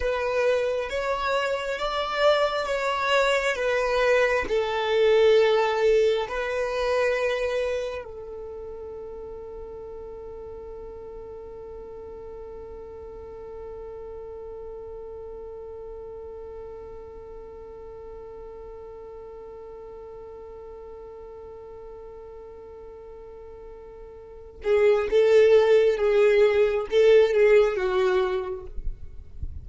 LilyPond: \new Staff \with { instrumentName = "violin" } { \time 4/4 \tempo 4 = 67 b'4 cis''4 d''4 cis''4 | b'4 a'2 b'4~ | b'4 a'2.~ | a'1~ |
a'1~ | a'1~ | a'2.~ a'8 gis'8 | a'4 gis'4 a'8 gis'8 fis'4 | }